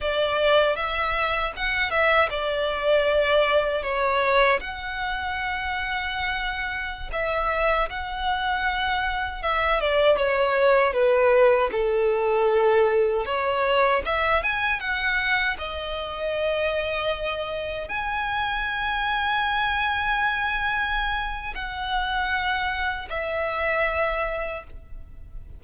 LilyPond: \new Staff \with { instrumentName = "violin" } { \time 4/4 \tempo 4 = 78 d''4 e''4 fis''8 e''8 d''4~ | d''4 cis''4 fis''2~ | fis''4~ fis''16 e''4 fis''4.~ fis''16~ | fis''16 e''8 d''8 cis''4 b'4 a'8.~ |
a'4~ a'16 cis''4 e''8 gis''8 fis''8.~ | fis''16 dis''2. gis''8.~ | gis''1 | fis''2 e''2 | }